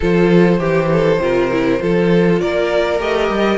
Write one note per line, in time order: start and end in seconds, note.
0.00 0.59 F3
0.00 0.58 F4
0.00 0.59 A4
0.00 2.40 C5
0.58 1.19 E3
0.58 1.18 G4
0.58 0.89 G4
0.92 1.22 A4
1.19 1.79 C3
1.19 1.50 F4
1.19 1.82 A#4
1.51 1.78 E4
1.78 2.42 F3
1.78 2.98 F4
1.78 2.41 A4
2.40 3.00 A#3
2.40 3.58 A#4
2.40 3.00 D5
2.99 3.29 A3
2.99 3.58 G4
2.99 3.58 D#5
3.30 3.58 G3